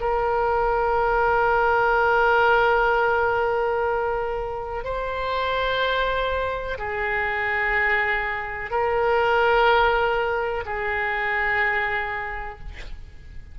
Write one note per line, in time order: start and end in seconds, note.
0.00 4.84 A#4
4.84 6.78 C5
6.78 8.71 G#4
8.71 10.64 A#4
10.65 12.59 G#4